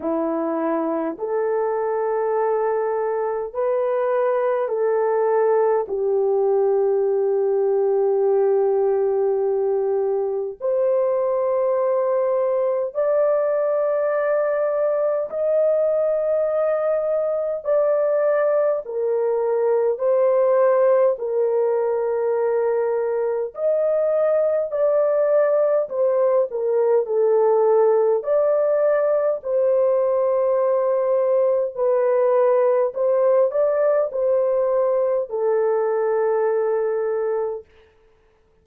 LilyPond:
\new Staff \with { instrumentName = "horn" } { \time 4/4 \tempo 4 = 51 e'4 a'2 b'4 | a'4 g'2.~ | g'4 c''2 d''4~ | d''4 dis''2 d''4 |
ais'4 c''4 ais'2 | dis''4 d''4 c''8 ais'8 a'4 | d''4 c''2 b'4 | c''8 d''8 c''4 a'2 | }